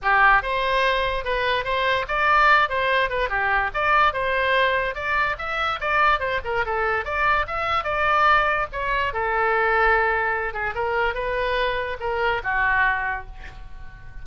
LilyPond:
\new Staff \with { instrumentName = "oboe" } { \time 4/4 \tempo 4 = 145 g'4 c''2 b'4 | c''4 d''4. c''4 b'8 | g'4 d''4 c''2 | d''4 e''4 d''4 c''8 ais'8 |
a'4 d''4 e''4 d''4~ | d''4 cis''4 a'2~ | a'4. gis'8 ais'4 b'4~ | b'4 ais'4 fis'2 | }